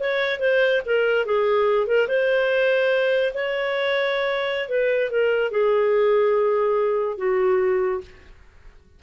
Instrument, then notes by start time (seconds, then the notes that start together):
clarinet
0.00 C#5
0.40 C5
0.86 A#4
1.26 G#4
1.87 A#4
2.08 C5
3.34 C#5
4.69 B4
5.11 A#4
5.52 G#4
7.18 F#4